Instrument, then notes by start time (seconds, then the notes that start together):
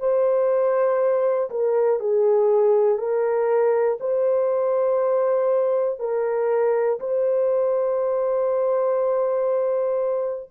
horn
0.00 C5
1.50 A#4
2.00 G#4
2.99 A#4
4.00 C5
6.00 A#4
7.00 C5